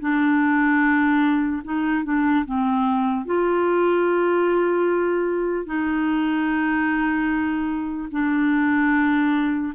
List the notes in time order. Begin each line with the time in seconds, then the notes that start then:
0.00 D4
1.64 D#4
2.04 D4
2.45 C4
3.25 F4
5.65 D#4
8.11 D4